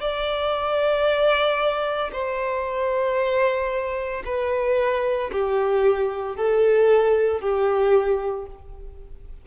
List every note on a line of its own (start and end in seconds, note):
0.00 2.11 D5
2.12 4.23 C5
4.25 5.30 B4
5.32 6.36 G4
6.36 7.40 A4
7.40 8.45 G4